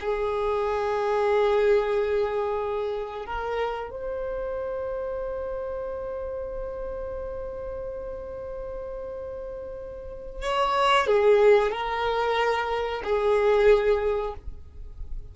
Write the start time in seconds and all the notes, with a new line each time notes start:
0.00 G#4
3.25 A#4
3.90 C5
10.42 C#5
11.07 G#4
11.72 A#4
13.04 G#4